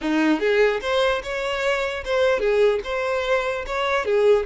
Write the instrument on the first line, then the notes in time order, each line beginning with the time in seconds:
violin
0.01 D#4
0.39 G#4
0.81 C5
1.23 C#5
2.04 C5
2.39 G#4
2.84 C5
3.66 C#5
4.05 G#4